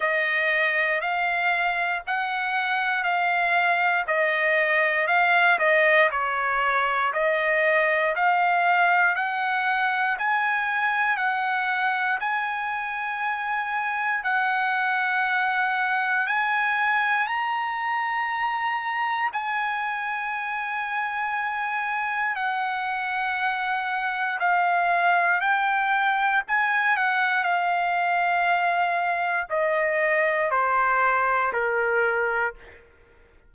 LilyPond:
\new Staff \with { instrumentName = "trumpet" } { \time 4/4 \tempo 4 = 59 dis''4 f''4 fis''4 f''4 | dis''4 f''8 dis''8 cis''4 dis''4 | f''4 fis''4 gis''4 fis''4 | gis''2 fis''2 |
gis''4 ais''2 gis''4~ | gis''2 fis''2 | f''4 g''4 gis''8 fis''8 f''4~ | f''4 dis''4 c''4 ais'4 | }